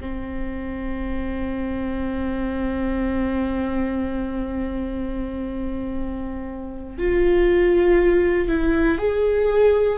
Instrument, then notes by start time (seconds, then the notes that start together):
viola
0.00 C4
6.98 F4
8.48 E4
8.98 G#4